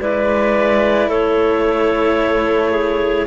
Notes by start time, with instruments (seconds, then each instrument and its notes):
0.00 cello G#3 E4, clarinet B4 D5
1.07 cello A3, clarinet A4 C#5
2.71 clarinet G#4